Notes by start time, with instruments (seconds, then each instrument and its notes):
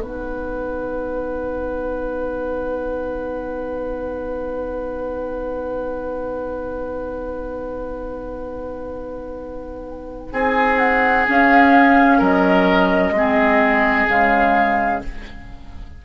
0.00 bassoon B3, clarinet D#4, oboe B4, flute F#5
10.31 bassoon C4, oboe G#4, flute G#5
10.78 flute F#5
11.27 clarinet C#4, bassoon C#4, flute F5
12.18 bassoon F#3, oboe A#4, flute D#5
13.10 bassoon G#3, clarinet C4
13.17 oboe G#4
14.07 bassoon C#3, clarinet G#3, flute F5